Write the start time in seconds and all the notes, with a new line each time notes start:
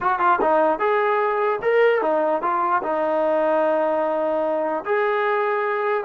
0.00 F#4
0.19 F4
0.41 D#4
0.79 G#4
1.61 A#4
2.01 D#4
2.42 F4
2.82 D#4
4.85 G#4